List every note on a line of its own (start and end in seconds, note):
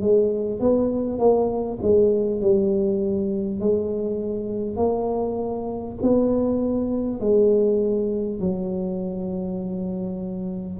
0.00 0.59 G#3
0.59 1.18 B3
1.18 1.78 A#3
1.82 2.41 G#3
2.41 3.60 G3
3.60 4.76 G#3
4.76 5.96 A#3
6.02 7.19 B3
7.19 8.39 G#3
8.39 10.79 F#3